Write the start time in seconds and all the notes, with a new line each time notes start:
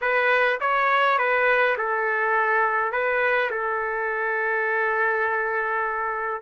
0.01 B4
0.60 C#5
1.18 B4
1.77 A4
2.92 B4
3.50 A4